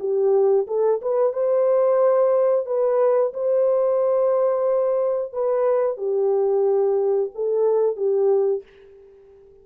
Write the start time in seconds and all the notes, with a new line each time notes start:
0.00 G4
0.68 A4
1.02 B4
1.33 C5
2.66 B4
3.34 C5
5.33 B4
5.98 G4
7.35 A4
7.97 G4